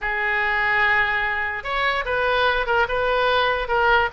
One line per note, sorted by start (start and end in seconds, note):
0.01 1.63 G#4
1.63 2.04 C#5
2.05 2.66 B4
2.66 2.87 A#4
2.88 3.68 B4
3.68 4.09 A#4